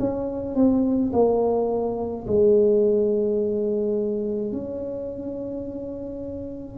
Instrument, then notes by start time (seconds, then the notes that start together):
tuba
0.00 C#4
0.56 C4
1.13 A#3
2.27 G#3
4.53 C#4